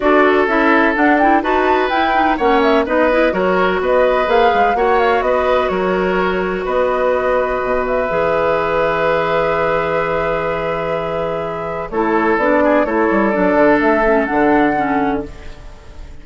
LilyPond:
<<
  \new Staff \with { instrumentName = "flute" } { \time 4/4 \tempo 4 = 126 d''4 e''4 fis''8 g''8 a''4 | g''4 fis''8 e''8 dis''4 cis''4 | dis''4 f''4 fis''8 f''8 dis''4 | cis''2 dis''2~ |
dis''8 e''2.~ e''8~ | e''1~ | e''4 cis''4 d''4 cis''4 | d''4 e''4 fis''2 | }
  \new Staff \with { instrumentName = "oboe" } { \time 4/4 a'2. b'4~ | b'4 cis''4 b'4 ais'4 | b'2 cis''4 b'4 | ais'2 b'2~ |
b'1~ | b'1~ | b'4 a'4. gis'8 a'4~ | a'1 | }
  \new Staff \with { instrumentName = "clarinet" } { \time 4/4 fis'4 e'4 d'8 e'8 fis'4 | e'8 dis'8 cis'4 dis'8 e'8 fis'4~ | fis'4 gis'4 fis'2~ | fis'1~ |
fis'4 gis'2.~ | gis'1~ | gis'4 e'4 d'4 e'4 | d'4. cis'8 d'4 cis'4 | }
  \new Staff \with { instrumentName = "bassoon" } { \time 4/4 d'4 cis'4 d'4 dis'4 | e'4 ais4 b4 fis4 | b4 ais8 gis8 ais4 b4 | fis2 b2 |
b,4 e2.~ | e1~ | e4 a4 b4 a8 g8 | fis8 d8 a4 d2 | }
>>